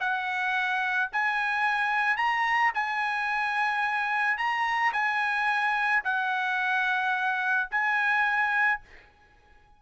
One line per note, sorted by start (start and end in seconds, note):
0.00 1.10 F#5
1.12 2.17 G#5
2.17 2.72 A#5
2.75 4.38 G#5
4.38 4.93 A#5
4.93 6.03 G#5
6.04 7.69 F#5
7.71 8.81 G#5